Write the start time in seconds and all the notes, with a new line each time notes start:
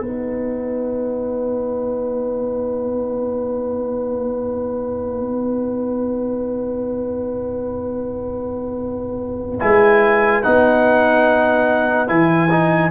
0.00 B3 D#4 B4 F#5
9.60 G#3 E4 G#5
10.43 B3 D#4 F#5
12.08 E3 E4 G#5
12.50 D#4